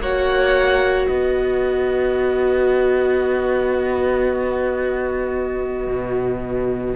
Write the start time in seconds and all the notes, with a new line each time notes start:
0.00 A#3 F#4 C#5 F#5
1.06 B3 B4 D#5
5.87 B2